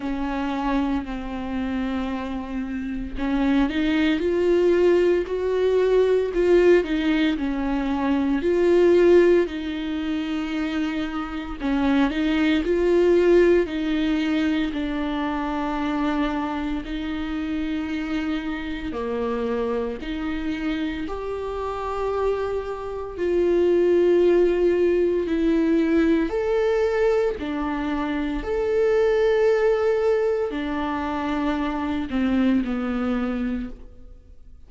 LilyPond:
\new Staff \with { instrumentName = "viola" } { \time 4/4 \tempo 4 = 57 cis'4 c'2 cis'8 dis'8 | f'4 fis'4 f'8 dis'8 cis'4 | f'4 dis'2 cis'8 dis'8 | f'4 dis'4 d'2 |
dis'2 ais4 dis'4 | g'2 f'2 | e'4 a'4 d'4 a'4~ | a'4 d'4. c'8 b4 | }